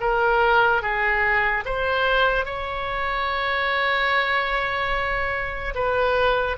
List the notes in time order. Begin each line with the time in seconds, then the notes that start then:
0.00 A#4
0.82 G#4
1.65 C5
2.45 C#5
5.75 B4